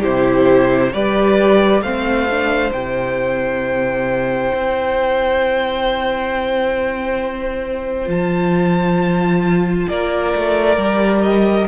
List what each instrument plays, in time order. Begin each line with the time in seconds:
0.00 cello C3, viola E4, violin G4 C5
0.93 cello G3, viola G4, violin B4 D5
1.81 cello A3, viola C4, violin C5 F5
2.30 viola D4
2.72 cello C3, viola E4, violin G5
4.53 cello C4
8.05 cello F3, viola F4, violin A5
9.88 cello A#3, violin A#4 D5
10.35 cello A3
10.77 cello G3, viola G4
11.22 violin D#5